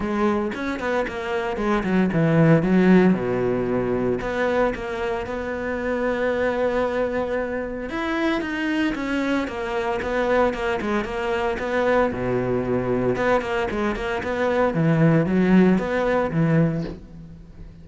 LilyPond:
\new Staff \with { instrumentName = "cello" } { \time 4/4 \tempo 4 = 114 gis4 cis'8 b8 ais4 gis8 fis8 | e4 fis4 b,2 | b4 ais4 b2~ | b2. e'4 |
dis'4 cis'4 ais4 b4 | ais8 gis8 ais4 b4 b,4~ | b,4 b8 ais8 gis8 ais8 b4 | e4 fis4 b4 e4 | }